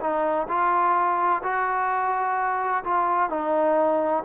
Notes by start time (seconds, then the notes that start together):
0.00 D#4
0.48 F4
1.43 F#4
2.84 F4
3.29 D#4